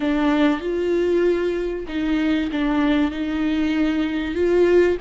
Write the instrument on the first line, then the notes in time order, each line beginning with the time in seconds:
viola
0.00 D4
0.61 F4
1.88 D#4
2.51 D4
3.11 D#4
4.34 F4